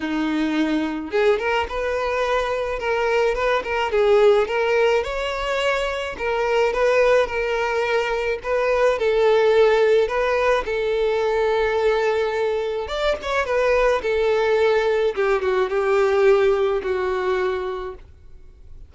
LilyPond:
\new Staff \with { instrumentName = "violin" } { \time 4/4 \tempo 4 = 107 dis'2 gis'8 ais'8 b'4~ | b'4 ais'4 b'8 ais'8 gis'4 | ais'4 cis''2 ais'4 | b'4 ais'2 b'4 |
a'2 b'4 a'4~ | a'2. d''8 cis''8 | b'4 a'2 g'8 fis'8 | g'2 fis'2 | }